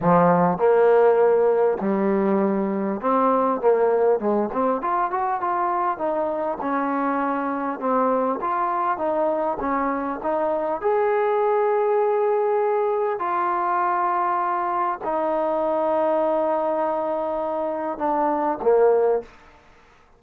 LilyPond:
\new Staff \with { instrumentName = "trombone" } { \time 4/4 \tempo 4 = 100 f4 ais2 g4~ | g4 c'4 ais4 gis8 c'8 | f'8 fis'8 f'4 dis'4 cis'4~ | cis'4 c'4 f'4 dis'4 |
cis'4 dis'4 gis'2~ | gis'2 f'2~ | f'4 dis'2.~ | dis'2 d'4 ais4 | }